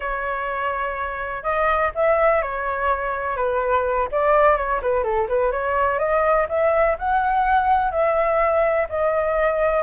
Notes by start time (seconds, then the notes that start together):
0.00 C#5
1.43 D#5
1.94 E5
2.42 C#5
3.36 B4
4.11 D5
4.56 C#5
4.82 B4
5.03 A4
5.28 B4
5.51 C#5
5.98 D#5
6.48 E5
6.98 F#5
7.91 E5
8.89 D#5